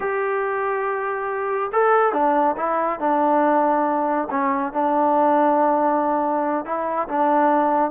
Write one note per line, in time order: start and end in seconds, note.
0.00 1.71 G4
1.72 2.12 A4
2.12 2.55 D4
2.57 2.99 E4
2.99 4.28 D4
4.30 4.72 C#4
4.72 6.65 D4
6.65 7.08 E4
7.08 7.91 D4